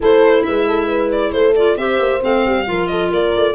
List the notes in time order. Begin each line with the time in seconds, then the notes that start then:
0.00 A3 E4 A4 C5
0.43 G#3 B4 E5
0.67 A4
0.87 B4
1.11 D5
1.32 A3 A4 C5
1.55 F4 D5
1.76 C4 G4 C5 E5
1.98 A#3
2.20 A3 C4 F5
2.45 G3
2.65 F3 F4 A#4
2.87 A4 D#5
3.10 A#3 A#4 D5
3.35 A3